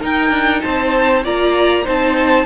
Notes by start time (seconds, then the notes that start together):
0.00 D#4 A#4 G5
0.30 D4
0.61 C4 C5 A5
1.23 A#3 F4 D5 A#5
1.83 C4 D#4 C5 A5